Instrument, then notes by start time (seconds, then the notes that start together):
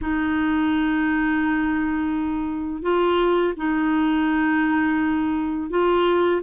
clarinet
0.01 D#4
2.82 F4
3.56 D#4
5.69 F4